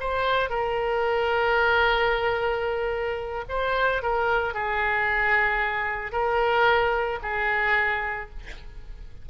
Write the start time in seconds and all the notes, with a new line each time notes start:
0.00 C5
0.50 A#4
3.49 C5
4.03 A#4
4.54 G#4
6.12 A#4
7.23 G#4